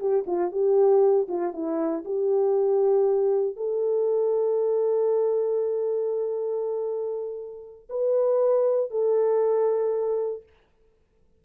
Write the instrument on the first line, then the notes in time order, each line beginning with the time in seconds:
horn
0.00 G4
0.27 F4
0.52 G4
1.29 F4
1.53 E4
2.05 G4
3.57 A4
7.90 B4
8.91 A4